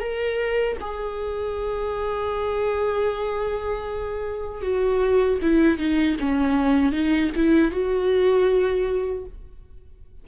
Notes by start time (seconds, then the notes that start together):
0.00 A#4
0.81 G#4
4.62 F#4
5.42 E4
5.79 D#4
6.20 C#4
6.92 D#4
7.36 E4
7.71 F#4